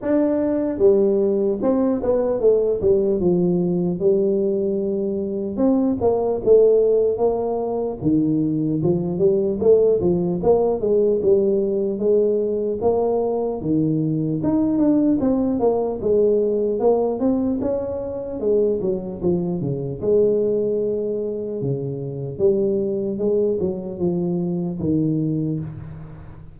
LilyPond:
\new Staff \with { instrumentName = "tuba" } { \time 4/4 \tempo 4 = 75 d'4 g4 c'8 b8 a8 g8 | f4 g2 c'8 ais8 | a4 ais4 dis4 f8 g8 | a8 f8 ais8 gis8 g4 gis4 |
ais4 dis4 dis'8 d'8 c'8 ais8 | gis4 ais8 c'8 cis'4 gis8 fis8 | f8 cis8 gis2 cis4 | g4 gis8 fis8 f4 dis4 | }